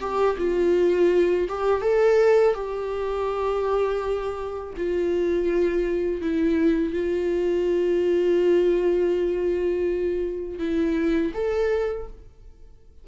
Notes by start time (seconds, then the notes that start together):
0.00 G4
0.38 F4
1.48 G4
1.81 A4
2.54 G4
4.77 F4
6.21 E4
6.93 F4
10.59 E4
11.33 A4